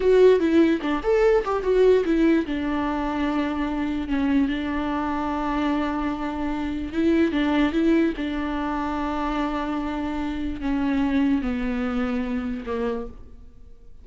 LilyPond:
\new Staff \with { instrumentName = "viola" } { \time 4/4 \tempo 4 = 147 fis'4 e'4 d'8 a'4 g'8 | fis'4 e'4 d'2~ | d'2 cis'4 d'4~ | d'1~ |
d'4 e'4 d'4 e'4 | d'1~ | d'2 cis'2 | b2. ais4 | }